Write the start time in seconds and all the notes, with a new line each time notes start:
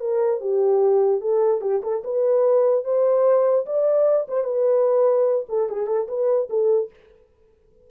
0.00 A#4
0.41 G4
1.21 A4
1.61 G4
1.83 A4
2.04 B4
2.85 C5
3.66 D5
4.28 C5
4.44 B4
5.49 A4
5.70 G#4
5.87 A4
6.08 B4
6.50 A4